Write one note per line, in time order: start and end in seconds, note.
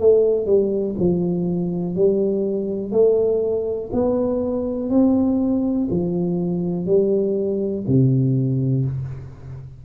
0.00 0.46 A3
0.46 0.95 G3
0.99 1.95 F3
1.95 2.92 G3
2.92 3.90 A3
3.93 4.90 B3
4.90 5.88 C4
5.91 6.87 F3
6.87 7.85 G3
7.87 8.86 C3